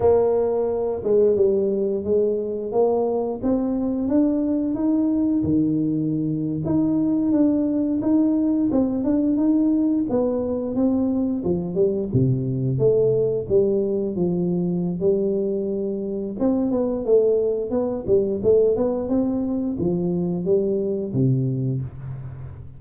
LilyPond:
\new Staff \with { instrumentName = "tuba" } { \time 4/4 \tempo 4 = 88 ais4. gis8 g4 gis4 | ais4 c'4 d'4 dis'4 | dis4.~ dis16 dis'4 d'4 dis'16~ | dis'8. c'8 d'8 dis'4 b4 c'16~ |
c'8. f8 g8 c4 a4 g16~ | g8. f4~ f16 g2 | c'8 b8 a4 b8 g8 a8 b8 | c'4 f4 g4 c4 | }